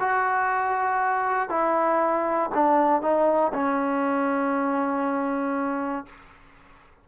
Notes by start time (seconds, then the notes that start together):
0.00 F#4
1.49 E4
2.54 D4
3.02 D#4
3.54 C#4